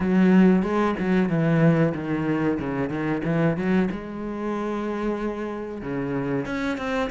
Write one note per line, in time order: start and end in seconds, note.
0.00 0.62 F#3
0.62 0.94 G#3
0.99 1.29 F#3
1.29 1.93 E3
1.94 2.58 D#3
2.59 2.89 C#3
2.89 3.21 D#3
3.24 3.56 E3
3.56 3.89 F#3
3.91 5.81 G#3
5.81 6.45 C#3
6.45 6.77 C#4
6.77 7.10 C4